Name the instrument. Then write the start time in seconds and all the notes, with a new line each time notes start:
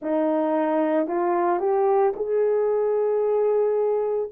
horn
0.01 D#4
1.07 F4
1.59 G4
2.15 G#4